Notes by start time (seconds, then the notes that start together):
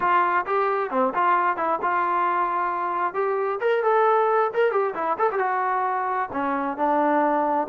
0.00 F4
0.46 G4
0.90 C4
1.14 F4
1.56 E4
1.82 F4
3.14 G4
3.60 A#4
3.83 A4
4.53 A#4
4.71 G4
4.94 E4
5.18 A4
5.31 G4
5.38 F#4
6.32 C#4
6.77 D4